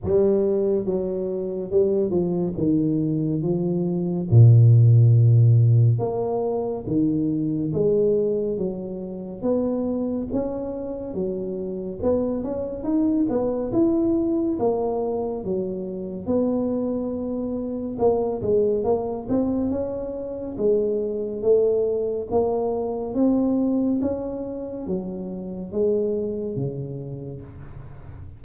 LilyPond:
\new Staff \with { instrumentName = "tuba" } { \time 4/4 \tempo 4 = 70 g4 fis4 g8 f8 dis4 | f4 ais,2 ais4 | dis4 gis4 fis4 b4 | cis'4 fis4 b8 cis'8 dis'8 b8 |
e'4 ais4 fis4 b4~ | b4 ais8 gis8 ais8 c'8 cis'4 | gis4 a4 ais4 c'4 | cis'4 fis4 gis4 cis4 | }